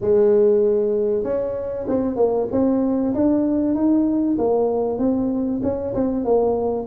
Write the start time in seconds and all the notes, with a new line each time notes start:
0.00 G#3
1.23 C#4
1.88 C4
2.16 A#3
2.51 C4
3.14 D4
3.74 D#4
4.38 A#3
4.98 C4
5.62 C#4
5.94 C4
6.24 A#3